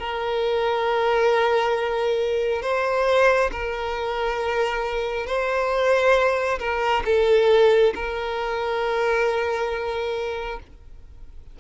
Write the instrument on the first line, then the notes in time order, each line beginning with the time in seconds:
violin
0.00 A#4
2.63 C5
3.52 A#4
5.27 C5
6.60 A#4
7.05 A4
7.95 A#4